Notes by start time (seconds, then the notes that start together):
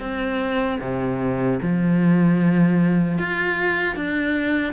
0.00 C4
0.81 C3
1.63 F3
3.19 F4
3.96 D4